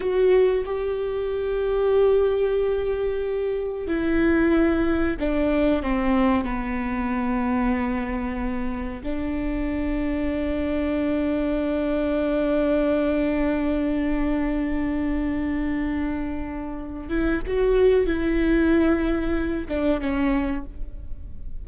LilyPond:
\new Staff \with { instrumentName = "viola" } { \time 4/4 \tempo 4 = 93 fis'4 g'2.~ | g'2 e'2 | d'4 c'4 b2~ | b2 d'2~ |
d'1~ | d'1~ | d'2~ d'8 e'8 fis'4 | e'2~ e'8 d'8 cis'4 | }